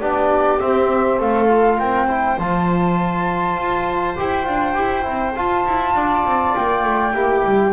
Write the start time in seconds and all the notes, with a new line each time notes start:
0.00 B3 D4 G4 D5
0.59 C4 E5
1.19 A3 A4 F5
1.48 F4
1.78 C4 A#4 G5
2.07 E4 C5
2.38 F3 F4 A5
3.56 F4
4.16 E4 G4 G5
4.44 D4 F4
4.74 E4 G4
5.02 C4 E4
5.35 F4 A5
5.66 E4
5.94 D4 D5
6.25 C4
6.55 A#3 G5
6.83 A3
7.12 A#3 E4 G4
7.44 G3